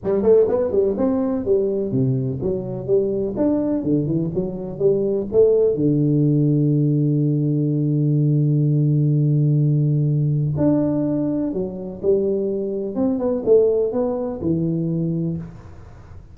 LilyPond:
\new Staff \with { instrumentName = "tuba" } { \time 4/4 \tempo 4 = 125 g8 a8 b8 g8 c'4 g4 | c4 fis4 g4 d'4 | d8 e8 fis4 g4 a4 | d1~ |
d1~ | d2 d'2 | fis4 g2 c'8 b8 | a4 b4 e2 | }